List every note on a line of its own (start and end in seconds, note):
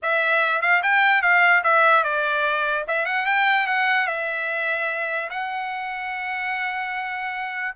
0.02 0.61 E5
0.61 0.82 F5
0.83 1.22 G5
1.22 1.62 F5
1.63 2.03 E5
2.03 2.85 D5
2.87 3.05 E5
3.05 3.25 F#5
3.26 3.66 G5
3.66 4.07 F#5
4.07 5.29 E5
5.30 7.75 F#5